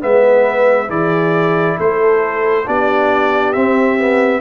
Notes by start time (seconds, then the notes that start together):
0.00 G#3 B3 B4 E5
0.87 E3 E4 G#4 D5
1.76 A3 A4 C5
2.66 B3 D4 G4 D5
3.52 C4 E5
3.98 B3